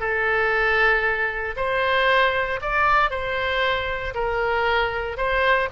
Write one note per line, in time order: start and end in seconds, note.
0.00 1.55 A4
1.57 2.60 C5
2.62 3.11 D5
3.11 4.14 C5
4.14 5.17 A#4
5.17 5.69 C5